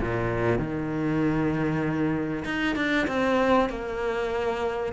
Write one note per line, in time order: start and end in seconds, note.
0.00 0.58 A#2
0.58 2.44 D#3
2.44 2.75 D#4
2.76 3.06 D4
3.07 3.69 C4
3.69 4.93 A#3